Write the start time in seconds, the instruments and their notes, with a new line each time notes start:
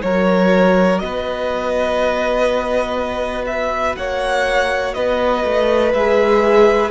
0.00 cello F#3, viola F#4, violin A#4 C#5
0.99 cello B3, violin B4 D#5
3.46 violin E5
3.96 cello A#3, violin C#5 F#5
4.94 cello B3, violin B4 D#5
5.44 cello A3
5.93 cello G#3, viola G#4, violin E5